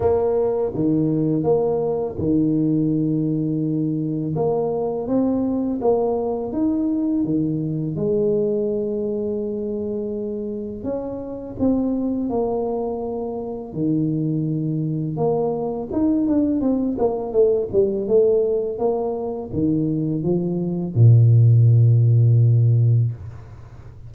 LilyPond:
\new Staff \with { instrumentName = "tuba" } { \time 4/4 \tempo 4 = 83 ais4 dis4 ais4 dis4~ | dis2 ais4 c'4 | ais4 dis'4 dis4 gis4~ | gis2. cis'4 |
c'4 ais2 dis4~ | dis4 ais4 dis'8 d'8 c'8 ais8 | a8 g8 a4 ais4 dis4 | f4 ais,2. | }